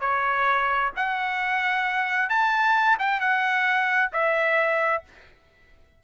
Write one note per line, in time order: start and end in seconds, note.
0.00 0.91 C#5
0.96 2.29 F#5
2.29 2.98 A5
2.99 3.20 G5
3.20 4.11 F#5
4.12 5.03 E5